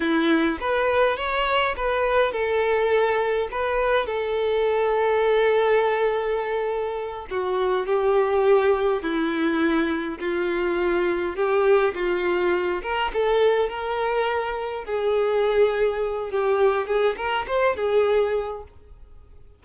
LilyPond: \new Staff \with { instrumentName = "violin" } { \time 4/4 \tempo 4 = 103 e'4 b'4 cis''4 b'4 | a'2 b'4 a'4~ | a'1~ | a'8 fis'4 g'2 e'8~ |
e'4. f'2 g'8~ | g'8 f'4. ais'8 a'4 ais'8~ | ais'4. gis'2~ gis'8 | g'4 gis'8 ais'8 c''8 gis'4. | }